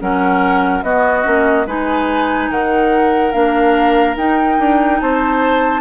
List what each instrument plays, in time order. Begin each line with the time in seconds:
0.00 bassoon F#3, clarinet C#4, oboe A#4, flute F#5
0.82 bassoon B3, clarinet B3, oboe F#4, flute D#5
1.24 bassoon A#3, clarinet C#4
1.66 bassoon G#3, clarinet D#4, oboe B4, flute G#5
2.50 bassoon D#3, oboe A#4, flute F#5
3.32 bassoon A#3, clarinet D4, flute F5
4.16 bassoon D#4, clarinet D#4, flute G5
4.59 bassoon D4
5.01 bassoon C4, oboe C5, flute A5